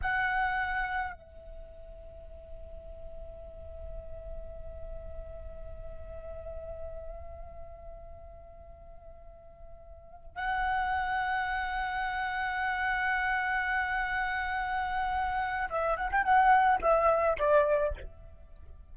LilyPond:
\new Staff \with { instrumentName = "flute" } { \time 4/4 \tempo 4 = 107 fis''2 e''2~ | e''1~ | e''1~ | e''1~ |
e''2~ e''8 fis''4.~ | fis''1~ | fis''1 | e''8 fis''16 g''16 fis''4 e''4 d''4 | }